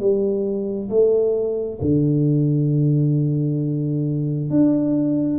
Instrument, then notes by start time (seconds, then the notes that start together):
tuba
0.00 G3
0.90 A3
1.82 D3
4.51 D4